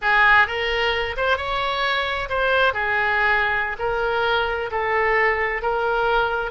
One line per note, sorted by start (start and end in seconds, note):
0.01 0.47 G#4
0.47 1.16 A#4
1.16 1.37 C5
1.37 2.28 C#5
2.29 2.73 C5
2.73 3.76 G#4
3.78 4.70 A#4
4.71 5.62 A4
5.62 6.51 A#4